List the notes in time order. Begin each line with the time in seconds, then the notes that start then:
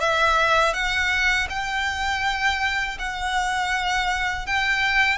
0.00 E5
0.74 F#5
1.50 G5
2.99 F#5
4.46 G5